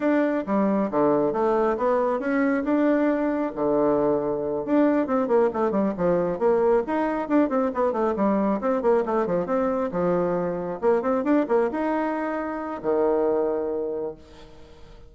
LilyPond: \new Staff \with { instrumentName = "bassoon" } { \time 4/4 \tempo 4 = 136 d'4 g4 d4 a4 | b4 cis'4 d'2 | d2~ d8 d'4 c'8 | ais8 a8 g8 f4 ais4 dis'8~ |
dis'8 d'8 c'8 b8 a8 g4 c'8 | ais8 a8 f8 c'4 f4.~ | f8 ais8 c'8 d'8 ais8 dis'4.~ | dis'4 dis2. | }